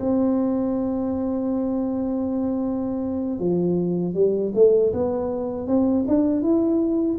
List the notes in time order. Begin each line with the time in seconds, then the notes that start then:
0.00 C4
3.39 F3
4.14 G3
4.55 A3
4.93 B3
5.68 C4
6.08 D4
6.42 E4